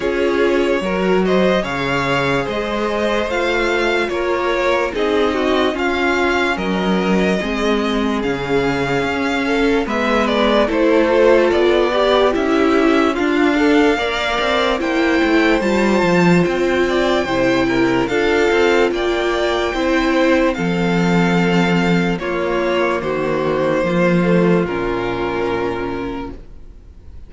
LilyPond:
<<
  \new Staff \with { instrumentName = "violin" } { \time 4/4 \tempo 4 = 73 cis''4. dis''8 f''4 dis''4 | f''4 cis''4 dis''4 f''4 | dis''2 f''2 | e''8 d''8 c''4 d''4 e''4 |
f''2 g''4 a''4 | g''2 f''4 g''4~ | g''4 f''2 cis''4 | c''2 ais'2 | }
  \new Staff \with { instrumentName = "violin" } { \time 4/4 gis'4 ais'8 c''8 cis''4 c''4~ | c''4 ais'4 gis'8 fis'8 f'4 | ais'4 gis'2~ gis'8 a'8 | b'4 a'4. g'4. |
f'8 a'8 d''4 c''2~ | c''8 d''8 c''8 ais'8 a'4 d''4 | c''4 a'2 f'4 | fis'4 f'2. | }
  \new Staff \with { instrumentName = "viola" } { \time 4/4 f'4 fis'4 gis'2 | f'2 dis'4 cis'4~ | cis'4 c'4 cis'2 | b4 e'8 f'4 g'8 e'4 |
d'4 ais'4 e'4 f'4~ | f'4 e'4 f'2 | e'4 c'2 ais4~ | ais4. a8 cis'2 | }
  \new Staff \with { instrumentName = "cello" } { \time 4/4 cis'4 fis4 cis4 gis4 | a4 ais4 c'4 cis'4 | fis4 gis4 cis4 cis'4 | gis4 a4 b4 cis'4 |
d'4 ais8 c'8 ais8 a8 g8 f8 | c'4 c4 d'8 c'8 ais4 | c'4 f2 ais4 | dis4 f4 ais,2 | }
>>